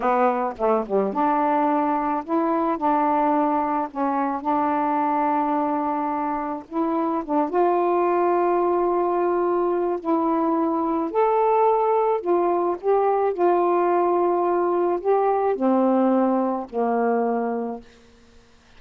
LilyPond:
\new Staff \with { instrumentName = "saxophone" } { \time 4/4 \tempo 4 = 108 b4 a8 g8 d'2 | e'4 d'2 cis'4 | d'1 | e'4 d'8 f'2~ f'8~ |
f'2 e'2 | a'2 f'4 g'4 | f'2. g'4 | c'2 ais2 | }